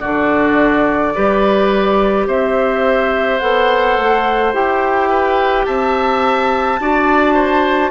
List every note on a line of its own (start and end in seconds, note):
0.00 1.17 D3
0.00 1.15 D4
0.00 1.14 F#4
0.00 2.26 D5
1.15 2.27 G3
1.15 3.41 G4
1.15 2.28 B4
2.27 3.41 C4
2.27 5.10 C5
2.27 3.40 E5
3.40 3.98 B3
3.40 4.53 A4
3.40 4.53 F#5
3.98 4.54 A3
4.53 5.67 E4
4.53 6.80 G4
4.53 5.66 G5
5.10 5.66 B4
5.66 6.80 C4
5.66 6.80 E5
5.66 7.92 A5
6.80 7.92 D4
6.80 7.92 F#4
6.80 7.35 D5
7.35 7.91 C5